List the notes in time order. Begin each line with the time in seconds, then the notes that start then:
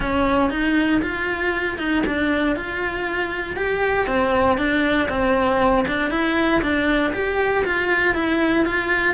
0.00 C#4
0.50 D#4
1.01 F4
1.78 D#4
2.06 D4
2.56 F4
3.56 G4
4.07 C4
4.57 D4
5.08 C4
5.87 D4
6.10 E4
6.61 D4
7.13 G4
7.65 F4
8.14 E4
8.65 F4